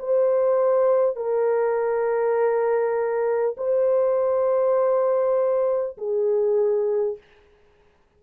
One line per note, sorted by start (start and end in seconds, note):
0.00 1.17 C5
1.17 3.57 A#4
3.58 5.98 C5
5.98 7.18 G#4